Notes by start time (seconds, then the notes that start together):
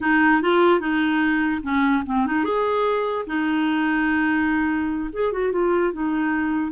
0.01 D#4
0.42 F4
0.80 D#4
1.63 C#4
2.06 C4
2.26 D#4
2.44 G#4
3.26 D#4
5.12 G#4
5.32 F#4
5.51 F4
5.92 D#4